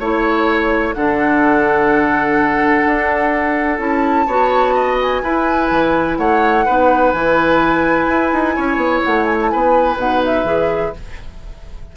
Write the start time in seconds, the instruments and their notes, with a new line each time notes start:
0.00 bassoon A3, clarinet E4, oboe C#5, flute C#5
0.94 bassoon D3, clarinet D4, oboe A4, flute F#5
2.86 bassoon D4
3.78 bassoon C#4, clarinet E4, flute A5
4.27 bassoon B3, clarinet F#4, oboe C#5
4.75 oboe D#5
5.02 flute G#5
5.23 bassoon E4, clarinet E4, oboe B4
5.71 bassoon E3
6.17 bassoon A3, oboe C#5, flute F#5
6.66 bassoon B3, clarinet D#4, oboe B4
7.12 bassoon E3, clarinet E4, flute G#5
8.08 bassoon E4
8.33 bassoon D#4
8.56 bassoon C#4, oboe C#5
8.77 bassoon B3
9.05 bassoon A3, flute F#5
9.25 flute G#5
9.42 flute A5
9.50 bassoon B3, oboe B4, flute G#5
9.97 bassoon B2, clarinet D#4, flute F#5
10.25 flute E5
10.44 bassoon E3, clarinet G#4